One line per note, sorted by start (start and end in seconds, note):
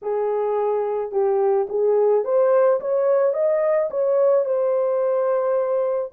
0.02 1.11 G#4
1.11 1.67 G4
1.69 2.24 G#4
2.24 2.80 C5
2.80 3.33 C#5
3.33 3.89 D#5
3.90 4.45 C#5
4.45 6.11 C5